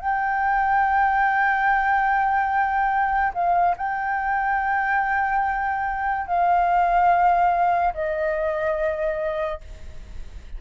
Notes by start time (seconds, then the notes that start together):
0.00 G5
3.34 F5
3.77 G5
6.27 F5
7.94 D#5